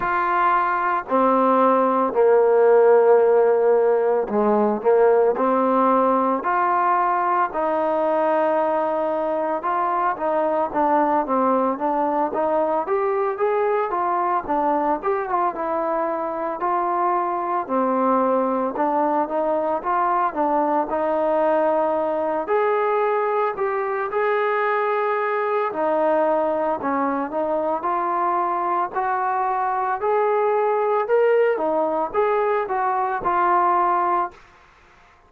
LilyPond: \new Staff \with { instrumentName = "trombone" } { \time 4/4 \tempo 4 = 56 f'4 c'4 ais2 | gis8 ais8 c'4 f'4 dis'4~ | dis'4 f'8 dis'8 d'8 c'8 d'8 dis'8 | g'8 gis'8 f'8 d'8 g'16 f'16 e'4 f'8~ |
f'8 c'4 d'8 dis'8 f'8 d'8 dis'8~ | dis'4 gis'4 g'8 gis'4. | dis'4 cis'8 dis'8 f'4 fis'4 | gis'4 ais'8 dis'8 gis'8 fis'8 f'4 | }